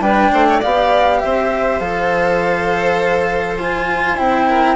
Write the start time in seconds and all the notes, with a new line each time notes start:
0.00 G3 D4 B4 G5
0.32 A3 C5
0.50 C#5
0.60 B3 G4 D5 F5
1.21 C4 C5 E5
1.79 F3 A4 F5
3.59 F4 G#5
4.17 C4 E4 G5
4.49 A#4